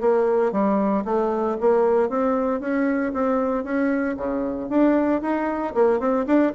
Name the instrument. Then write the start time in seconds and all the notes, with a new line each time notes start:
bassoon
0.00 A#3
0.52 G3
1.05 A3
1.60 A#3
2.09 C4
2.60 C#4
3.13 C4
3.64 C#4
4.17 C#3
4.69 D4
5.22 D#4
5.74 A#3
5.99 C4
6.26 D4